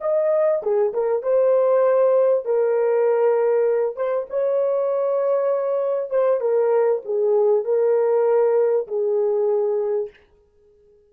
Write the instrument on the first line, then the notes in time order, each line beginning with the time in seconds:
horn
0.00 D#5
0.62 G#4
0.93 A#4
1.22 C5
2.45 A#4
3.96 C5
4.29 C#5
6.10 C5
6.40 A#4
7.05 G#4
7.64 A#4
8.87 G#4